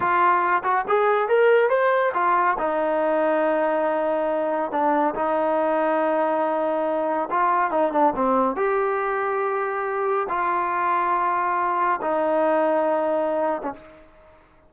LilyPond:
\new Staff \with { instrumentName = "trombone" } { \time 4/4 \tempo 4 = 140 f'4. fis'8 gis'4 ais'4 | c''4 f'4 dis'2~ | dis'2. d'4 | dis'1~ |
dis'4 f'4 dis'8 d'8 c'4 | g'1 | f'1 | dis'2.~ dis'8. cis'16 | }